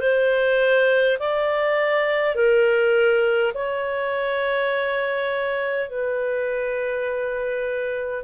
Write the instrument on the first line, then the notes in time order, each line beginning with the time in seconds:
clarinet
0.00 C5
1.19 D5
2.35 A#4
3.55 C#5
5.89 B4